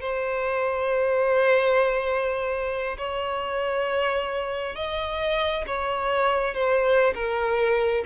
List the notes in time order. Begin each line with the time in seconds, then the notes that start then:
0.00 C5
2.98 C#5
4.76 D#5
5.67 C#5
6.54 C5
7.14 A#4